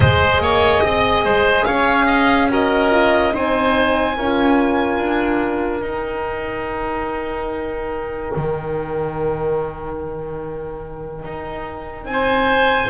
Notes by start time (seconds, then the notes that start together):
0.00 G#3 G#4 C5 D#5
0.39 A#3 C#5
0.83 C4 D#5
1.24 G#3 C5
1.64 C#4 C#5 F5
2.06 D#5
2.50 F#4 A#4 D#5
2.91 F4
3.32 C4 D#4 C5 G#5
4.16 C#4 F4 A#4
4.98 D4
5.81 D#4 G5
8.36 D#3
11.24 D#4
12.04 C4 G#5
12.12 C5